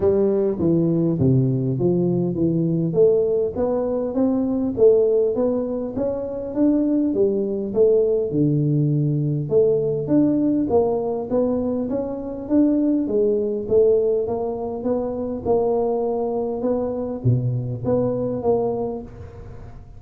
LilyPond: \new Staff \with { instrumentName = "tuba" } { \time 4/4 \tempo 4 = 101 g4 e4 c4 f4 | e4 a4 b4 c'4 | a4 b4 cis'4 d'4 | g4 a4 d2 |
a4 d'4 ais4 b4 | cis'4 d'4 gis4 a4 | ais4 b4 ais2 | b4 b,4 b4 ais4 | }